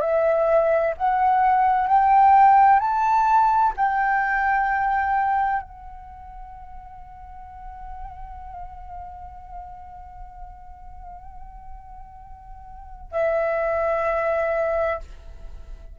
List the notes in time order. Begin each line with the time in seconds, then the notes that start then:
0.00 E5
0.97 F#5
1.87 G5
2.79 A5
3.77 G5
5.62 F#5
13.11 E5